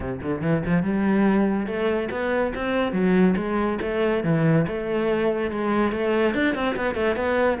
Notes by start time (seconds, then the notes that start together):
0.00 C3
0.22 D3
0.41 E3
0.66 F3
0.82 G3
1.66 A3
2.10 B3
2.55 C4
2.92 F#3
3.36 G#3
3.81 A3
4.23 E3
4.67 A3
5.50 G#3
5.92 A3
6.34 D4
6.54 C4
6.75 B3
6.94 A3
7.16 B3